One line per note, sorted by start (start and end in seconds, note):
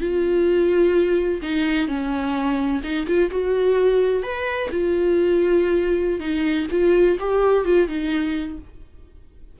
0.00 1.41 F4
1.42 1.87 D#4
1.87 2.81 C#4
2.83 3.06 D#4
3.06 3.30 F4
3.30 4.23 F#4
4.23 4.69 B4
4.70 6.19 F4
6.19 6.66 D#4
6.71 7.17 F4
7.20 7.64 G4
7.64 7.87 F4
7.87 8.58 D#4